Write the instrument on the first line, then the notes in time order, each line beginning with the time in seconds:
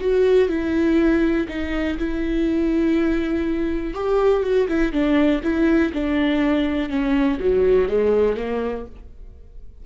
viola
0.00 F#4
0.49 E4
1.48 D#4
1.98 E4
3.94 G4
4.43 F#4
4.68 E4
4.92 D4
5.43 E4
5.93 D4
6.89 C#4
7.39 F#3
7.88 G#3
8.36 A#3